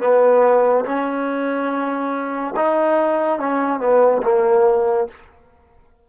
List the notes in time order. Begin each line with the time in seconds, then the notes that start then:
0.00 B3
0.85 C#4
2.56 D#4
3.39 C#4
3.80 B3
4.23 A#3